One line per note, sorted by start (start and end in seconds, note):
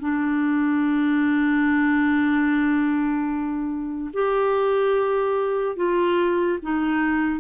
0.00 4.11 D4
4.13 5.76 G4
5.76 6.59 F4
6.62 7.40 D#4